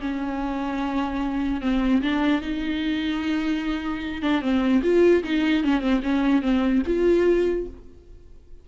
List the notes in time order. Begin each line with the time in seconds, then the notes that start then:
0.00 C#4
1.61 C4
2.02 D4
2.41 D#4
4.22 D4
4.41 C4
4.82 F4
5.23 D#4
5.64 C#4
5.80 C4
6.03 C#4
6.41 C4
6.86 F4